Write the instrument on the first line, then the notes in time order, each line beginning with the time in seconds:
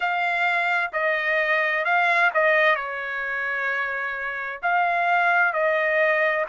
trumpet
0.00 F5
0.92 D#5
1.85 F5
2.34 D#5
2.75 C#5
4.62 F5
5.53 D#5